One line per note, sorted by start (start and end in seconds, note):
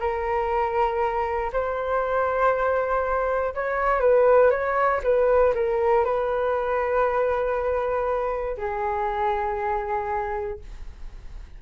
0.00 1.51 A#4
1.53 3.54 C5
3.55 4.00 C#5
4.00 4.51 B4
4.51 5.01 C#5
5.04 5.54 B4
5.55 6.05 A#4
6.05 8.57 B4
8.58 10.60 G#4